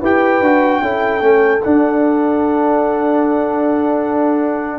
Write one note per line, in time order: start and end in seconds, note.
0.00 0.41 E4
0.00 0.44 G4
0.00 0.80 B4
0.00 1.63 G5
0.41 0.81 D4
0.41 0.83 F#4
0.81 1.21 C#4
0.81 1.20 E4
0.81 4.79 A4
1.20 1.61 A3
1.20 1.60 C#4
1.63 4.79 D4
1.63 4.79 F#5